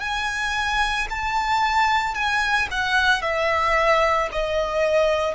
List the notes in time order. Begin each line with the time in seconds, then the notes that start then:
0.00 G#5
1.10 A5
2.14 G#5
2.71 F#5
3.22 E5
4.31 D#5